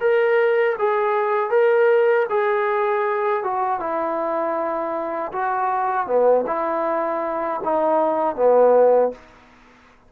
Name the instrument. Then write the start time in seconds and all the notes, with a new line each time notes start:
trombone
0.00 A#4
0.78 G#4
1.50 A#4
2.29 G#4
3.43 F#4
3.79 E4
5.32 F#4
6.06 B3
6.46 E4
7.63 D#4
8.35 B3